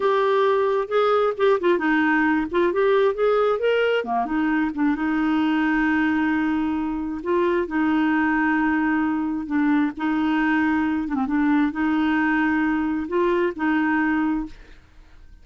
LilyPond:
\new Staff \with { instrumentName = "clarinet" } { \time 4/4 \tempo 4 = 133 g'2 gis'4 g'8 f'8 | dis'4. f'8 g'4 gis'4 | ais'4 ais8 dis'4 d'8 dis'4~ | dis'1 |
f'4 dis'2.~ | dis'4 d'4 dis'2~ | dis'8 d'16 c'16 d'4 dis'2~ | dis'4 f'4 dis'2 | }